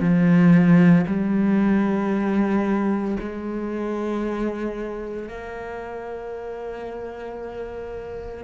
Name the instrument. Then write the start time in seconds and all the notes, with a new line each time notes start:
cello
0.00 F3
1.07 G3
3.20 G#3
5.29 A#3